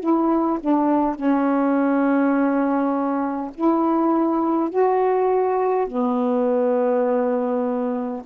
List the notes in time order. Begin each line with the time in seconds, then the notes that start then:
0.00 E4
0.60 D4
1.15 C#4
3.55 E4
4.70 F#4
5.87 B3